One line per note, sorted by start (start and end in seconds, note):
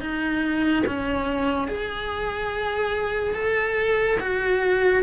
0.00 0.83 D#4
0.87 1.67 C#4
1.67 3.34 G#4
3.34 4.17 A4
4.20 5.03 F#4